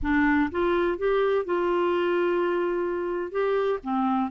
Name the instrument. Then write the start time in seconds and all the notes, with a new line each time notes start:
clarinet
0.02 D4
0.51 F4
0.97 G4
1.45 F4
3.31 G4
3.83 C4